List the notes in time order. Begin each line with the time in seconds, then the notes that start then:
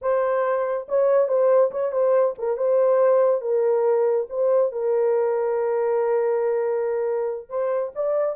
0.01 C5
0.88 C#5
1.28 C5
1.71 C#5
1.91 C5
2.38 A#4
2.57 C5
3.41 A#4
4.29 C5
4.72 A#4
7.49 C5
7.95 D5